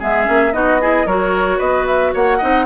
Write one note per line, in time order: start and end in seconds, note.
0.00 0.29 G#3
0.00 0.25 B3
0.00 0.54 G#4
0.00 0.54 E5
0.25 0.54 A#3
0.25 0.51 C#4
0.54 1.06 B3
0.54 0.80 D#4
0.54 0.82 F#4
0.54 1.07 D#5
0.81 1.08 E4
0.81 1.07 G#4
1.06 1.60 F#3
1.06 2.41 F#4
1.06 1.58 A#4
1.06 1.60 C#5
1.58 2.15 B3
1.58 2.12 B4
1.58 1.87 D#5
1.87 2.14 E5
2.14 2.42 A#3
2.14 2.38 C#5
2.14 2.66 F#5
2.38 2.66 C4
2.38 2.66 D#4
2.38 2.65 D#5